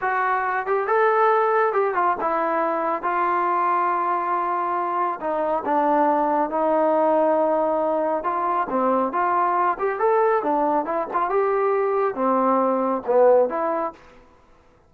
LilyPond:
\new Staff \with { instrumentName = "trombone" } { \time 4/4 \tempo 4 = 138 fis'4. g'8 a'2 | g'8 f'8 e'2 f'4~ | f'1 | dis'4 d'2 dis'4~ |
dis'2. f'4 | c'4 f'4. g'8 a'4 | d'4 e'8 f'8 g'2 | c'2 b4 e'4 | }